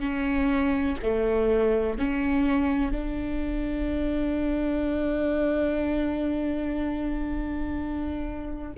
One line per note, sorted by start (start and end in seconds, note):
0.00 0.97 C#4
1.02 1.98 A3
1.98 2.92 C#4
2.92 8.73 D4